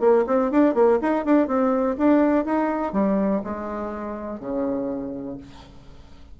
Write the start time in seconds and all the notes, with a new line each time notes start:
0.00 A#3
0.27 C4
0.51 D4
0.74 A#3
1.01 D#4
1.25 D4
1.47 C4
1.97 D4
2.45 D#4
2.92 G3
3.44 G#3
4.39 C#3